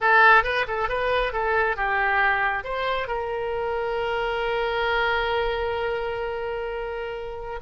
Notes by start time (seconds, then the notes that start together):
0.00 A4
0.43 B4
0.67 A4
0.88 B4
1.32 A4
1.76 G4
2.64 C5
3.07 A#4